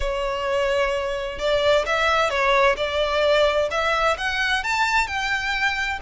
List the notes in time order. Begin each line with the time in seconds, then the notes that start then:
0.00 C#5
1.38 D5
1.86 E5
2.30 C#5
2.76 D5
3.70 E5
4.17 F#5
4.63 A5
5.07 G5